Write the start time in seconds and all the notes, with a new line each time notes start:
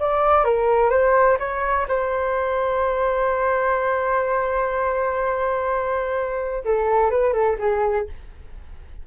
0.00 D5
0.45 A#4
0.90 C5
1.39 C#5
1.88 C5
6.65 A4
7.11 B4
7.34 A4
7.59 G#4